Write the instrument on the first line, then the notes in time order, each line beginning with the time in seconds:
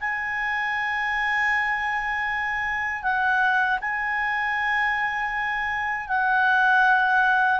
clarinet
0.00 G#5
3.03 F#5
3.81 G#5
6.08 F#5